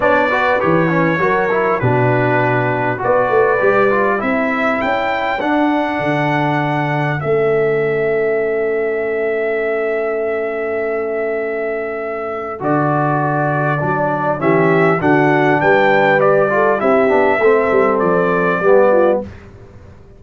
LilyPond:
<<
  \new Staff \with { instrumentName = "trumpet" } { \time 4/4 \tempo 4 = 100 d''4 cis''2 b'4~ | b'4 d''2 e''4 | g''4 fis''2. | e''1~ |
e''1~ | e''4 d''2. | e''4 fis''4 g''4 d''4 | e''2 d''2 | }
  \new Staff \with { instrumentName = "horn" } { \time 4/4 cis''8 b'4. ais'4 fis'4~ | fis'4 b'2 a'4~ | a'1~ | a'1~ |
a'1~ | a'1 | g'4 fis'4 b'4. a'8 | g'4 a'2 g'8 f'8 | }
  \new Staff \with { instrumentName = "trombone" } { \time 4/4 d'8 fis'8 g'8 cis'8 fis'8 e'8 d'4~ | d'4 fis'4 g'8 f'8 e'4~ | e'4 d'2. | cis'1~ |
cis'1~ | cis'4 fis'2 d'4 | cis'4 d'2 g'8 f'8 | e'8 d'8 c'2 b4 | }
  \new Staff \with { instrumentName = "tuba" } { \time 4/4 b4 e4 fis4 b,4~ | b,4 b8 a8 g4 c'4 | cis'4 d'4 d2 | a1~ |
a1~ | a4 d2 fis4 | e4 d4 g2 | c'8 b8 a8 g8 f4 g4 | }
>>